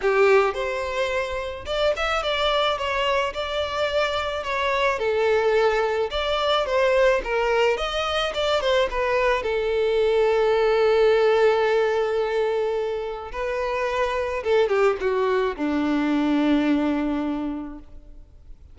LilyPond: \new Staff \with { instrumentName = "violin" } { \time 4/4 \tempo 4 = 108 g'4 c''2 d''8 e''8 | d''4 cis''4 d''2 | cis''4 a'2 d''4 | c''4 ais'4 dis''4 d''8 c''8 |
b'4 a'2.~ | a'1 | b'2 a'8 g'8 fis'4 | d'1 | }